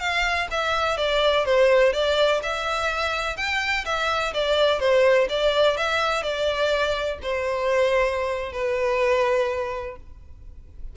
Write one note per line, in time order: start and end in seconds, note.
0.00 0.48 F5
0.51 0.98 E5
0.98 1.46 D5
1.46 1.93 C5
1.93 2.41 D5
2.43 3.37 E5
3.37 3.85 G5
3.86 4.34 E5
4.34 4.80 D5
4.80 5.28 C5
5.30 5.78 D5
5.78 6.23 E5
6.23 7.19 D5
7.23 8.53 C5
8.53 9.97 B4